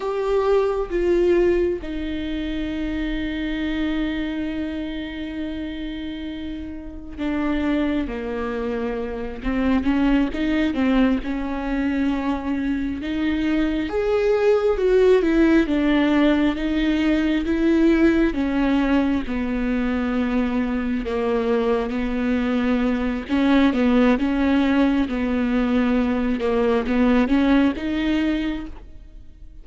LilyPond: \new Staff \with { instrumentName = "viola" } { \time 4/4 \tempo 4 = 67 g'4 f'4 dis'2~ | dis'1 | d'4 ais4. c'8 cis'8 dis'8 | c'8 cis'2 dis'4 gis'8~ |
gis'8 fis'8 e'8 d'4 dis'4 e'8~ | e'8 cis'4 b2 ais8~ | ais8 b4. cis'8 b8 cis'4 | b4. ais8 b8 cis'8 dis'4 | }